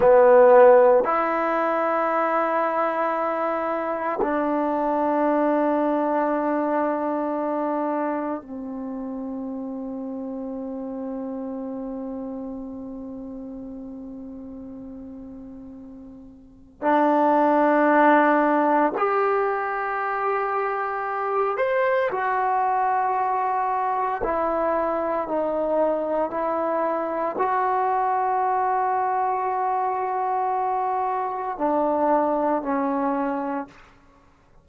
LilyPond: \new Staff \with { instrumentName = "trombone" } { \time 4/4 \tempo 4 = 57 b4 e'2. | d'1 | c'1~ | c'1 |
d'2 g'2~ | g'8 c''8 fis'2 e'4 | dis'4 e'4 fis'2~ | fis'2 d'4 cis'4 | }